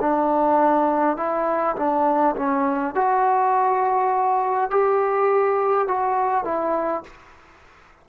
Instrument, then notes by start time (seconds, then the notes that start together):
trombone
0.00 D4
1.17 E4
1.76 D4
2.36 C#4
2.95 F#4
4.70 G4
5.87 F#4
6.44 E4